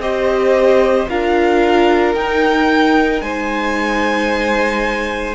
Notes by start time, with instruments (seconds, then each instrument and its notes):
0.00 cello C4, viola G4, violin C5 D#5
1.09 cello D4, viola F4, violin A#4 F5
2.15 cello D#4, viola D#4, violin G5
3.21 cello G#3, violin C5 G#5